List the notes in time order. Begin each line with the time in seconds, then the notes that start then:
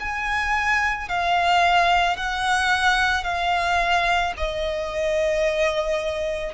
0.00 G#5
1.09 F5
2.17 F#5
3.24 F5
4.37 D#5